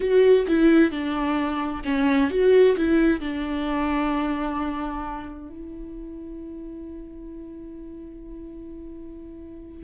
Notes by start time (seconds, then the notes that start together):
0.00 F#4
0.47 E4
0.91 D4
1.84 C#4
2.30 F#4
2.76 E4
3.20 D4
5.49 E4